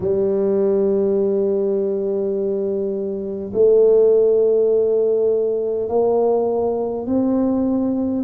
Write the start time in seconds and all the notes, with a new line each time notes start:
0.00 G3
3.53 A3
5.88 A#3
7.06 C4